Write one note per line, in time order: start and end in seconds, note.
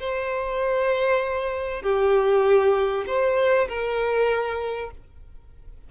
0.00 1.83 C5
1.83 3.05 G4
3.07 3.68 C5
3.69 4.91 A#4